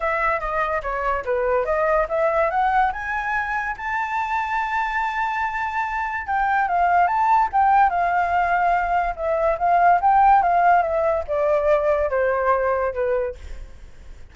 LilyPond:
\new Staff \with { instrumentName = "flute" } { \time 4/4 \tempo 4 = 144 e''4 dis''4 cis''4 b'4 | dis''4 e''4 fis''4 gis''4~ | gis''4 a''2.~ | a''2. g''4 |
f''4 a''4 g''4 f''4~ | f''2 e''4 f''4 | g''4 f''4 e''4 d''4~ | d''4 c''2 b'4 | }